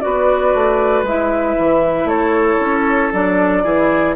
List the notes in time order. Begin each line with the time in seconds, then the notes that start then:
0.00 B3 F#4 B4 D5
0.54 A3
1.03 G#3 E4 E5
1.58 E3
2.04 A3 A4 C#5
2.60 C#4
3.12 F#3 D4 D5
3.63 E3 E4 G#4